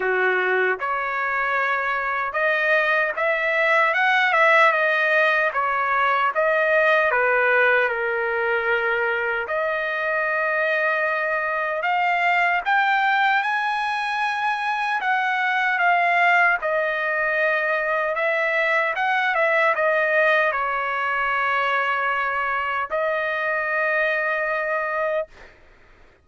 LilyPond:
\new Staff \with { instrumentName = "trumpet" } { \time 4/4 \tempo 4 = 76 fis'4 cis''2 dis''4 | e''4 fis''8 e''8 dis''4 cis''4 | dis''4 b'4 ais'2 | dis''2. f''4 |
g''4 gis''2 fis''4 | f''4 dis''2 e''4 | fis''8 e''8 dis''4 cis''2~ | cis''4 dis''2. | }